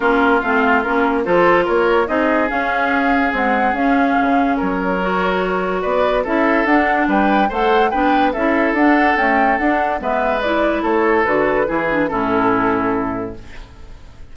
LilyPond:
<<
  \new Staff \with { instrumentName = "flute" } { \time 4/4 \tempo 4 = 144 ais'4 f''4 ais'4 c''4 | cis''4 dis''4 f''2 | fis''4 f''2 cis''4~ | cis''2 d''4 e''4 |
fis''4 g''4 fis''4 g''4 | e''4 fis''4 g''4 fis''4 | e''4 d''4 cis''4 b'4~ | b'4 a'2. | }
  \new Staff \with { instrumentName = "oboe" } { \time 4/4 f'2. a'4 | ais'4 gis'2.~ | gis'2. ais'4~ | ais'2 b'4 a'4~ |
a'4 b'4 c''4 b'4 | a'1 | b'2 a'2 | gis'4 e'2. | }
  \new Staff \with { instrumentName = "clarinet" } { \time 4/4 cis'4 c'4 cis'4 f'4~ | f'4 dis'4 cis'2 | gis4 cis'2. | fis'2. e'4 |
d'2 a'4 d'4 | e'4 d'4 a4 d'4 | b4 e'2 fis'4 | e'8 d'8 cis'2. | }
  \new Staff \with { instrumentName = "bassoon" } { \time 4/4 ais4 a4 ais4 f4 | ais4 c'4 cis'2 | c'4 cis'4 cis4 fis4~ | fis2 b4 cis'4 |
d'4 g4 a4 b4 | cis'4 d'4 cis'4 d'4 | gis2 a4 d4 | e4 a,2. | }
>>